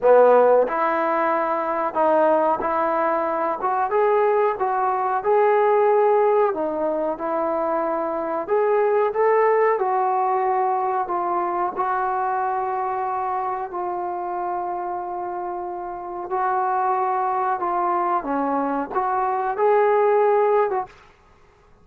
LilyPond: \new Staff \with { instrumentName = "trombone" } { \time 4/4 \tempo 4 = 92 b4 e'2 dis'4 | e'4. fis'8 gis'4 fis'4 | gis'2 dis'4 e'4~ | e'4 gis'4 a'4 fis'4~ |
fis'4 f'4 fis'2~ | fis'4 f'2.~ | f'4 fis'2 f'4 | cis'4 fis'4 gis'4.~ gis'16 fis'16 | }